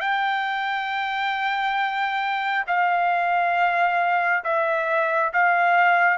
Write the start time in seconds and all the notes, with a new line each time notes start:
0.00 G5
2.67 F5
4.44 E5
5.33 F5